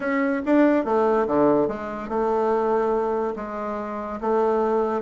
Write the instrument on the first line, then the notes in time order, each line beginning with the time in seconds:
bassoon
0.00 C#4
0.45 D4
0.84 A3
1.27 D3
1.67 G#3
2.08 A3
3.35 G#3
4.20 A3